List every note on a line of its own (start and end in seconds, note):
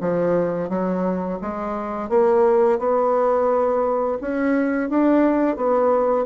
0.00 0.68 F3
0.68 1.38 F#3
1.41 2.09 G#3
2.09 2.78 A#3
2.78 4.18 B3
4.21 4.89 C#4
4.89 5.56 D4
5.56 6.25 B3